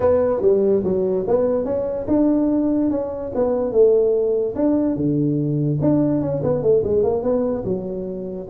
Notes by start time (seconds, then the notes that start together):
0.00 B3
0.41 G3
0.84 F#3
1.27 B3
1.64 C#4
2.07 D4
2.90 C#4
3.34 B3
3.71 A3
4.55 D4
4.96 D3
5.81 D4
6.21 C#4
6.43 B3
6.62 A3
6.84 G#3
7.03 A#3
7.22 B3
7.64 F#3